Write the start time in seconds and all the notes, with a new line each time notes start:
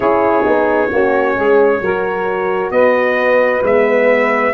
0.00 C#4 E4 G#4 C#5
0.43 B3 D#4
0.91 A#3 C#4 F#4
1.35 G#3 G#4
1.80 F#3 F#4 A#4
2.70 B3 B4 D#5
3.62 G#3 B3 E5